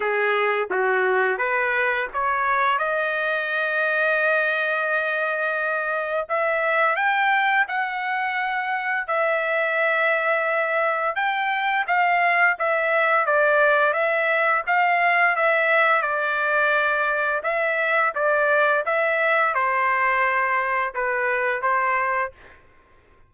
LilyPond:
\new Staff \with { instrumentName = "trumpet" } { \time 4/4 \tempo 4 = 86 gis'4 fis'4 b'4 cis''4 | dis''1~ | dis''4 e''4 g''4 fis''4~ | fis''4 e''2. |
g''4 f''4 e''4 d''4 | e''4 f''4 e''4 d''4~ | d''4 e''4 d''4 e''4 | c''2 b'4 c''4 | }